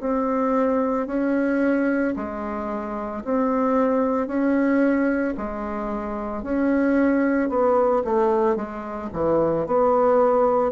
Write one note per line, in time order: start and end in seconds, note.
0.00 1.07 C4
1.07 2.14 C#4
2.16 3.23 G#3
3.24 4.27 C4
4.27 5.34 C#4
5.37 6.43 G#3
6.43 7.49 C#4
7.49 8.03 B3
8.04 8.56 A3
8.56 9.09 G#3
9.13 9.66 E3
9.66 10.71 B3